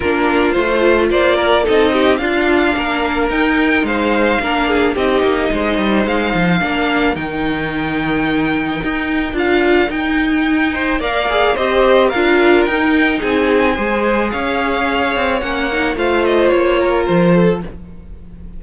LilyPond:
<<
  \new Staff \with { instrumentName = "violin" } { \time 4/4 \tempo 4 = 109 ais'4 c''4 d''4 dis''4 | f''2 g''4 f''4~ | f''4 dis''2 f''4~ | f''4 g''2.~ |
g''4 f''4 g''2 | f''4 dis''4 f''4 g''4 | gis''2 f''2 | fis''4 f''8 dis''8 cis''4 c''4 | }
  \new Staff \with { instrumentName = "violin" } { \time 4/4 f'2 c''8 ais'8 a'8 g'8 | f'4 ais'2 c''4 | ais'8 gis'8 g'4 c''2 | ais'1~ |
ais'2.~ ais'8 c''8 | d''4 c''4 ais'2 | gis'4 c''4 cis''2~ | cis''4 c''4. ais'4 a'8 | }
  \new Staff \with { instrumentName = "viola" } { \time 4/4 d'4 f'2 dis'4 | d'2 dis'2 | d'4 dis'2. | d'4 dis'2.~ |
dis'4 f'4 dis'2 | ais'8 gis'8 g'4 f'4 dis'4~ | dis'4 gis'2. | cis'8 dis'8 f'2. | }
  \new Staff \with { instrumentName = "cello" } { \time 4/4 ais4 a4 ais4 c'4 | d'4 ais4 dis'4 gis4 | ais4 c'8 ais8 gis8 g8 gis8 f8 | ais4 dis2. |
dis'4 d'4 dis'2 | ais4 c'4 d'4 dis'4 | c'4 gis4 cis'4. c'8 | ais4 a4 ais4 f4 | }
>>